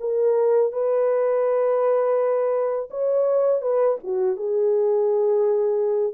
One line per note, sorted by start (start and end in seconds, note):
0.00 0.72 A#4
0.73 2.89 B4
2.90 3.61 C#5
3.61 3.98 B4
4.04 4.36 F#4
4.36 6.14 G#4